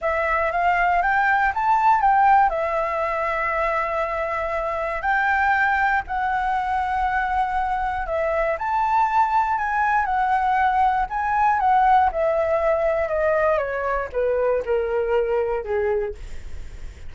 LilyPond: \new Staff \with { instrumentName = "flute" } { \time 4/4 \tempo 4 = 119 e''4 f''4 g''4 a''4 | g''4 e''2.~ | e''2 g''2 | fis''1 |
e''4 a''2 gis''4 | fis''2 gis''4 fis''4 | e''2 dis''4 cis''4 | b'4 ais'2 gis'4 | }